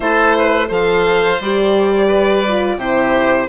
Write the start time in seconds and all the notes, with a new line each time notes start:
0.00 A3 E4 A4 C5
0.39 B4
0.67 F3 A4 C5 F5
1.40 G3 G4 D5
2.07 B4
2.48 F4
2.77 C3 E4 G4 C5